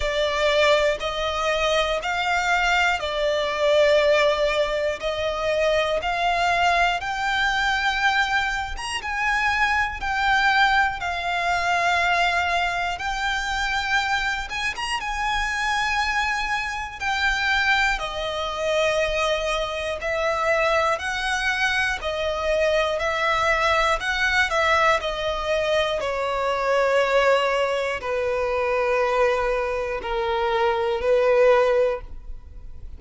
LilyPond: \new Staff \with { instrumentName = "violin" } { \time 4/4 \tempo 4 = 60 d''4 dis''4 f''4 d''4~ | d''4 dis''4 f''4 g''4~ | g''8. ais''16 gis''4 g''4 f''4~ | f''4 g''4. gis''16 ais''16 gis''4~ |
gis''4 g''4 dis''2 | e''4 fis''4 dis''4 e''4 | fis''8 e''8 dis''4 cis''2 | b'2 ais'4 b'4 | }